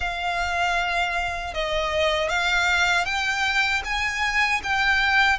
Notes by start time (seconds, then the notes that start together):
0.00 F5
1.54 D#5
2.29 F5
3.05 G5
3.84 G#5
4.63 G5